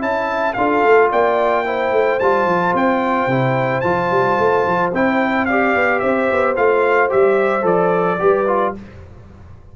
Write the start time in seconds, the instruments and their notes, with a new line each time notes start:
0.00 tuba C#4, trombone E4, horn E5, trumpet A5
0.54 tuba D4, trombone F4, horn A4, trumpet F5
0.84 tuba A3
1.11 tuba A#3, horn D5, trumpet G5
1.65 trombone E4, horn C5
1.92 tuba A3
2.20 tuba G3, trombone F4, trumpet A5
2.46 tuba F3
2.75 tuba C4, trumpet G5
3.27 tuba C3, trombone E4
3.81 tuba F3, trombone F4, trumpet A5
4.11 tuba G3
4.39 tuba A3
4.67 tuba F3
4.93 tuba C4, trombone E4, trumpet G5
5.46 trombone G4, horn D5, trumpet F5
5.75 tuba B3
6.00 tuba C4, horn C5, trumpet E5
6.31 tuba B3
6.56 tuba A3, trombone F4, trumpet F5
7.10 tuba G3, trombone G4, trumpet E5
7.62 tuba F3, trombone A4, trumpet D5
8.19 tuba G3, trombone G4, horn B4
8.48 trombone F4